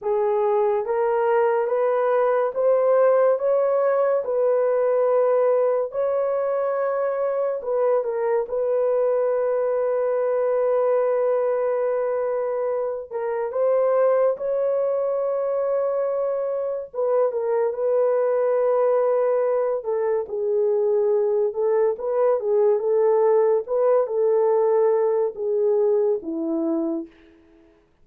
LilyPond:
\new Staff \with { instrumentName = "horn" } { \time 4/4 \tempo 4 = 71 gis'4 ais'4 b'4 c''4 | cis''4 b'2 cis''4~ | cis''4 b'8 ais'8 b'2~ | b'2.~ b'8 ais'8 |
c''4 cis''2. | b'8 ais'8 b'2~ b'8 a'8 | gis'4. a'8 b'8 gis'8 a'4 | b'8 a'4. gis'4 e'4 | }